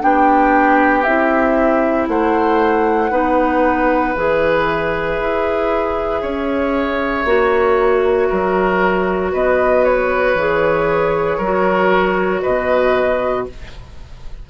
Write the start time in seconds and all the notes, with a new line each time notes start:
0.00 B3 D4 G4 G5
1.03 C4 E4 E5
2.08 A3 C5 F#5
3.10 B3 D#4 B4
4.14 E3 G#4 E5
5.20 E4
6.21 C#4 C#5
7.25 A#3 F#4
8.28 F#3 A#4
9.32 B3 B4 D#5
9.84 C#5
10.35 E3 G#4
11.37 F#3 F#4 A#4
12.41 B2 B4 D#5